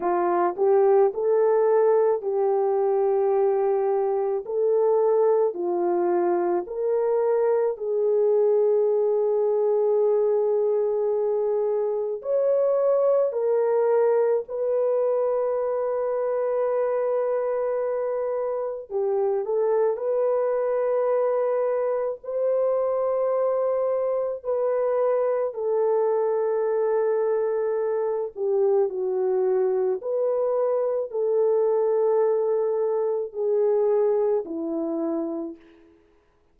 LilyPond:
\new Staff \with { instrumentName = "horn" } { \time 4/4 \tempo 4 = 54 f'8 g'8 a'4 g'2 | a'4 f'4 ais'4 gis'4~ | gis'2. cis''4 | ais'4 b'2.~ |
b'4 g'8 a'8 b'2 | c''2 b'4 a'4~ | a'4. g'8 fis'4 b'4 | a'2 gis'4 e'4 | }